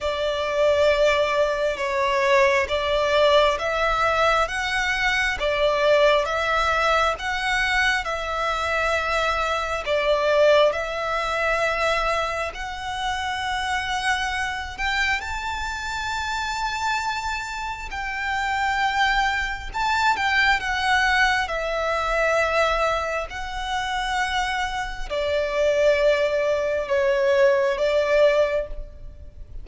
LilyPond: \new Staff \with { instrumentName = "violin" } { \time 4/4 \tempo 4 = 67 d''2 cis''4 d''4 | e''4 fis''4 d''4 e''4 | fis''4 e''2 d''4 | e''2 fis''2~ |
fis''8 g''8 a''2. | g''2 a''8 g''8 fis''4 | e''2 fis''2 | d''2 cis''4 d''4 | }